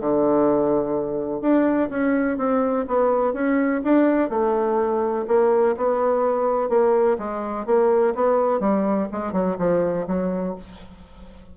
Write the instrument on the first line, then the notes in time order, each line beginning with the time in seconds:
bassoon
0.00 D3
1.41 D4
1.89 C#4
2.37 C4
2.87 B3
3.33 C#4
3.84 D4
4.29 A3
5.27 A#3
5.76 B3
6.69 A#3
7.18 G#3
7.66 A#3
8.14 B3
8.60 G3
9.12 G#3
9.32 F#3
9.58 F3
10.07 F#3